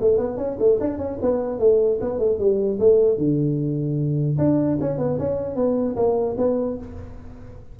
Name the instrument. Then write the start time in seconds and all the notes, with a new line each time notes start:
tuba
0.00 A3
0.17 B3
0.37 C#4
0.59 A3
0.80 D4
0.98 C#4
1.21 B3
1.59 A3
2.01 B3
2.18 A3
2.38 G3
2.79 A3
3.17 D3
4.37 D4
4.80 C#4
4.98 B3
5.18 C#4
5.55 B3
5.95 A#3
6.37 B3